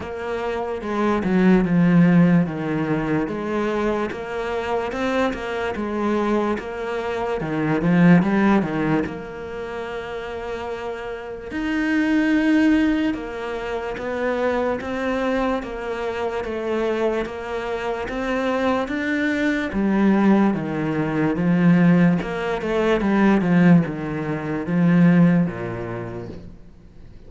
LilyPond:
\new Staff \with { instrumentName = "cello" } { \time 4/4 \tempo 4 = 73 ais4 gis8 fis8 f4 dis4 | gis4 ais4 c'8 ais8 gis4 | ais4 dis8 f8 g8 dis8 ais4~ | ais2 dis'2 |
ais4 b4 c'4 ais4 | a4 ais4 c'4 d'4 | g4 dis4 f4 ais8 a8 | g8 f8 dis4 f4 ais,4 | }